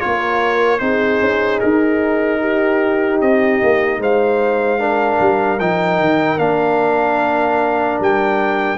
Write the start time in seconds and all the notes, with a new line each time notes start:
0.00 A#3 F4 A#4 C#5
0.79 C4 D#4 G#4 C5
1.21 C#4
1.60 D#4 A#4
2.40 G4
3.21 C4 D#5
3.63 A#3
3.98 G#3 C5 F5
4.79 D4 A#4
5.20 G3
5.59 F3 D#4 G5
5.99 D#3
6.38 A#3 D4 F5
8.00 G3 G5